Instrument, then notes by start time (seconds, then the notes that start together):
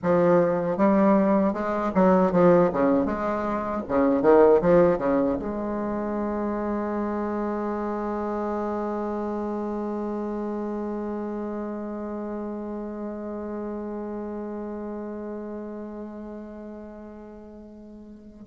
bassoon
0.02 F3
0.77 G3
1.53 G#3
1.94 F#3
2.31 F3
2.72 C#3
3.05 G#3
3.88 C#3
4.22 D#3
4.61 F3
4.98 C#3
5.38 G#3